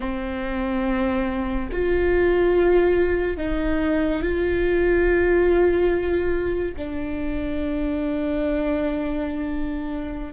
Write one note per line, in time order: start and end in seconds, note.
0.00 1.69 C4
1.72 3.37 F4
3.37 4.21 D#4
4.21 6.75 F4
6.76 10.33 D4